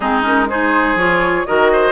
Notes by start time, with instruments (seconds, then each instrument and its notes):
0.00 bassoon G#3, clarinet C4, oboe D#4, flute G#4
0.22 clarinet C#4, flute A#4
0.49 clarinet D#4, oboe G#4, flute C5
0.95 bassoon F3, clarinet F4, flute C#5
1.46 bassoon D#3, clarinet F#4, oboe A#4, flute D#5
1.72 oboe C5